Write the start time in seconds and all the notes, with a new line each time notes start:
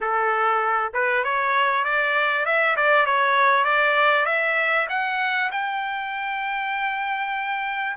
0.00 A4
0.93 B4
1.24 C#5
1.84 D5
2.45 E5
2.76 D5
3.06 C#5
3.64 D5
4.25 E5
4.89 F#5
5.51 G5